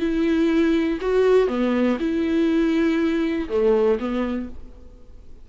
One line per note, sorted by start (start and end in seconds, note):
0.00 0.99 E4
1.01 1.48 F#4
1.48 1.98 B3
2.00 3.49 E4
3.49 3.99 A3
4.00 4.49 B3